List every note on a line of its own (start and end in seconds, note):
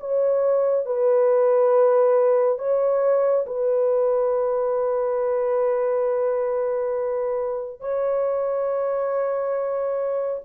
0.00 0.85 C#5
0.85 2.58 B4
2.58 3.45 C#5
3.46 7.80 B4
7.80 10.41 C#5